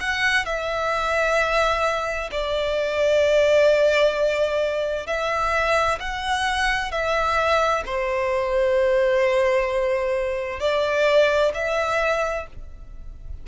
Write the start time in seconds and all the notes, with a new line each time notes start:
0.00 F#5
0.45 E5
2.31 D5
5.07 E5
6.00 F#5
6.91 E5
7.86 C5
10.60 D5
11.54 E5